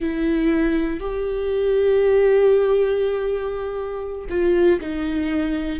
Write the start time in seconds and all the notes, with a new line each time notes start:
0.00 E4
0.99 G4
4.29 F4
4.80 D#4